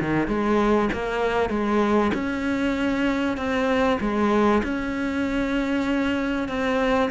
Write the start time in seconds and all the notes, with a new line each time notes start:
0.00 D#3
0.28 G#3
0.93 A#3
1.50 G#3
2.14 C#4
3.37 C4
4.00 G#3
4.63 C#4
6.48 C4